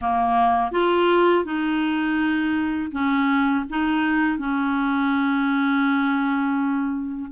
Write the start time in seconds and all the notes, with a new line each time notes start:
0.01 A#3
0.71 F4
1.45 D#4
2.91 C#4
3.69 D#4
4.38 C#4